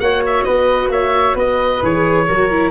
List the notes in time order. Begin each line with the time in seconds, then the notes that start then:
0.00 A#3 F#4 C#5 F#5
0.27 E5
0.44 B3 B4 D#5
0.90 A#3 C#5 E5
1.36 B3 B4 D#5
1.83 E3 G#4 C#5
2.28 F#3 F#4 A#4
2.51 E4